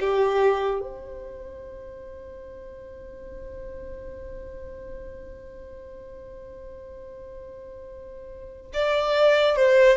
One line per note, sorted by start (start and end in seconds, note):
0.00 0.80 G4
0.80 8.72 C5
8.73 9.56 D5
9.56 9.97 C5